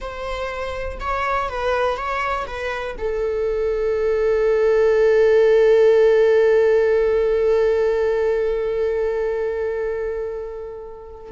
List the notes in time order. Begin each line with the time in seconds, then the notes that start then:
0.00 C5
1.00 C#5
1.49 B4
1.96 C#5
2.47 B4
2.98 A4